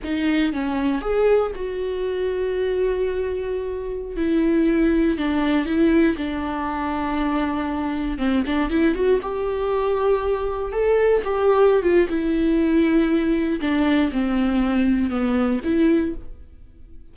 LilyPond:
\new Staff \with { instrumentName = "viola" } { \time 4/4 \tempo 4 = 119 dis'4 cis'4 gis'4 fis'4~ | fis'1~ | fis'16 e'2 d'4 e'8.~ | e'16 d'2.~ d'8.~ |
d'16 c'8 d'8 e'8 fis'8 g'4.~ g'16~ | g'4~ g'16 a'4 g'4~ g'16 f'8 | e'2. d'4 | c'2 b4 e'4 | }